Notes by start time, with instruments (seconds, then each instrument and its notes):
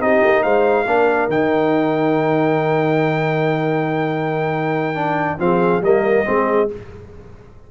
0.00 tuba C4, trombone D#4, horn G4, trumpet D#5
0.24 tuba A#3
0.43 tuba G#3, horn C5, trumpet F5
0.85 tuba A#3, trombone D4, horn A#4
1.28 tuba D#3, trombone D#4, trumpet G5
4.95 trombone D4
5.39 tuba F3, trombone C4, horn G#4, trumpet F5
5.82 tuba G3, trombone A#3, horn A#4, trumpet D#5
6.25 tuba G#3, trombone C4, horn G#4